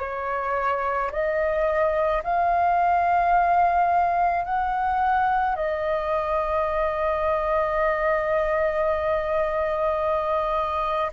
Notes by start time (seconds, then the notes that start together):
0.00 C#5
1.12 D#5
2.24 F5
4.44 F#5
5.56 D#5